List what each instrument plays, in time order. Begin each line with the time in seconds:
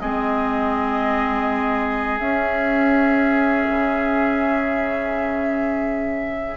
0.00 bassoon G#3, clarinet C4, oboe G#4, flute D#5
2.19 clarinet C#4, bassoon C#4, flute E5
3.70 bassoon C#3